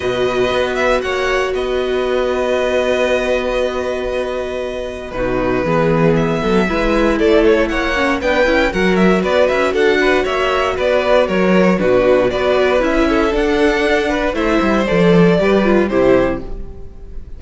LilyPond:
<<
  \new Staff \with { instrumentName = "violin" } { \time 4/4 \tempo 4 = 117 dis''4. e''8 fis''4 dis''4~ | dis''1~ | dis''2 b'2 | e''2 d''8 cis''8 fis''4 |
g''4 fis''8 e''8 d''8 e''8 fis''4 | e''4 d''4 cis''4 b'4 | d''4 e''4 fis''2 | e''4 d''2 c''4 | }
  \new Staff \with { instrumentName = "violin" } { \time 4/4 b'2 cis''4 b'4~ | b'1~ | b'2 fis'4 gis'4~ | gis'8 a'8 b'4 a'4 cis''4 |
b'4 ais'4 b'4 a'8 b'8 | cis''4 b'4 ais'4 fis'4 | b'4. a'2 b'8 | c''2 b'4 g'4 | }
  \new Staff \with { instrumentName = "viola" } { \time 4/4 fis'1~ | fis'1~ | fis'2 dis'4 b4~ | b4 e'2~ e'8 cis'8 |
d'8 e'8 fis'2.~ | fis'2. d'4 | fis'4 e'4 d'2 | e'4 a'4 g'8 f'8 e'4 | }
  \new Staff \with { instrumentName = "cello" } { \time 4/4 b,4 b4 ais4 b4~ | b1~ | b2 b,4 e4~ | e8 fis8 gis4 a4 ais4 |
b8 cis'8 fis4 b8 cis'8 d'4 | ais4 b4 fis4 b,4 | b4 cis'4 d'2 | a8 g8 f4 g4 c4 | }
>>